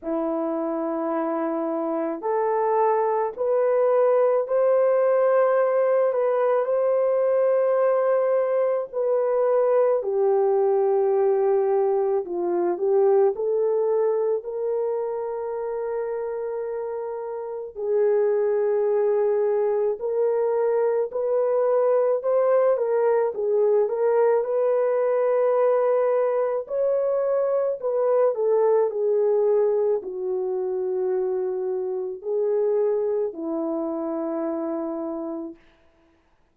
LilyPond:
\new Staff \with { instrumentName = "horn" } { \time 4/4 \tempo 4 = 54 e'2 a'4 b'4 | c''4. b'8 c''2 | b'4 g'2 f'8 g'8 | a'4 ais'2. |
gis'2 ais'4 b'4 | c''8 ais'8 gis'8 ais'8 b'2 | cis''4 b'8 a'8 gis'4 fis'4~ | fis'4 gis'4 e'2 | }